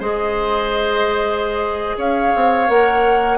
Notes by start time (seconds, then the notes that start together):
0.00 G#3 G#4 C5 D#5
1.97 C#4 C#5 F5
2.35 C4
2.68 A#3 A#4 F#5